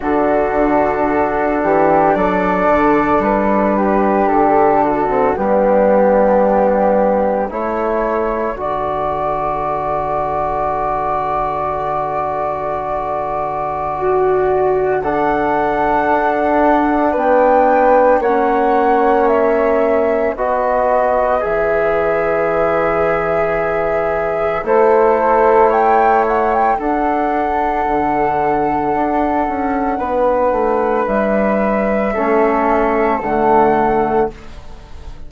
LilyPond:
<<
  \new Staff \with { instrumentName = "flute" } { \time 4/4 \tempo 4 = 56 a'2 d''4 b'4 | a'4 g'2 cis''4 | d''1~ | d''2 fis''2 |
g''4 fis''4 e''4 dis''4 | e''2. c''4 | g''8 fis''16 g''16 fis''2.~ | fis''4 e''2 fis''4 | }
  \new Staff \with { instrumentName = "flute" } { \time 4/4 fis'4. g'8 a'4. g'8~ | g'8 fis'8 d'2 a'4~ | a'1~ | a'4 fis'4 a'2 |
b'4 cis''2 b'4~ | b'2. a'4 | cis''4 a'2. | b'2 a'2 | }
  \new Staff \with { instrumentName = "trombone" } { \time 4/4 d'1~ | d'8. c'16 b2 e'4 | fis'1~ | fis'2 d'2~ |
d'4 cis'2 fis'4 | gis'2. e'4~ | e'4 d'2.~ | d'2 cis'4 a4 | }
  \new Staff \with { instrumentName = "bassoon" } { \time 4/4 d4. e8 fis8 d8 g4 | d4 g2 a4 | d1~ | d2. d'4 |
b4 ais2 b4 | e2. a4~ | a4 d'4 d4 d'8 cis'8 | b8 a8 g4 a4 d4 | }
>>